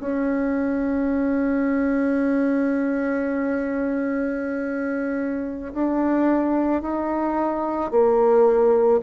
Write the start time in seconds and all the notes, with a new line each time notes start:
0.00 C#4
5.73 D4
6.81 D#4
7.90 A#3